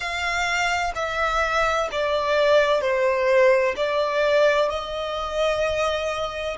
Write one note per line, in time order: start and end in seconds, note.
0.00 0.92 F5
0.95 1.88 E5
1.91 2.81 D5
2.81 3.75 C5
3.76 4.69 D5
4.69 6.57 D#5